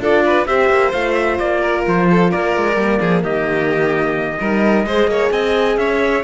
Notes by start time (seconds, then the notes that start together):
0.00 D4 F4 A4 D5
0.25 B4
0.46 C4 G4 C5 E5
0.70 A#3
0.93 A3 F4 F5
1.14 E5
1.38 A#3 D5
1.61 A#4
1.87 F3 C5
2.10 A4
2.30 A#3 A#4 D5
2.57 G#3
2.76 G3 A#3
3.00 F3 G#4
3.22 D#3 G4 D#5
4.39 G3 D#4 A#4
4.85 G#3 G#4 C5
5.07 A#3 C#5
5.31 C4 D#5 G#5
5.77 C#4 C#5 E5